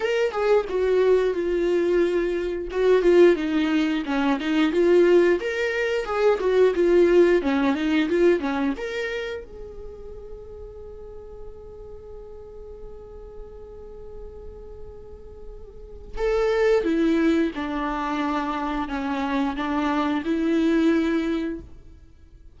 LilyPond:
\new Staff \with { instrumentName = "viola" } { \time 4/4 \tempo 4 = 89 ais'8 gis'8 fis'4 f'2 | fis'8 f'8 dis'4 cis'8 dis'8 f'4 | ais'4 gis'8 fis'8 f'4 cis'8 dis'8 | f'8 cis'8 ais'4 gis'2~ |
gis'1~ | gis'1 | a'4 e'4 d'2 | cis'4 d'4 e'2 | }